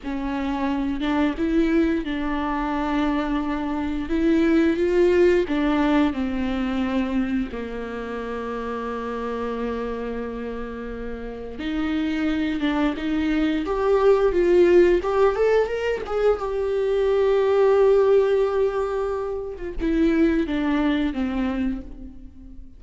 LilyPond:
\new Staff \with { instrumentName = "viola" } { \time 4/4 \tempo 4 = 88 cis'4. d'8 e'4 d'4~ | d'2 e'4 f'4 | d'4 c'2 ais4~ | ais1~ |
ais4 dis'4. d'8 dis'4 | g'4 f'4 g'8 a'8 ais'8 gis'8 | g'1~ | g'8. f'16 e'4 d'4 c'4 | }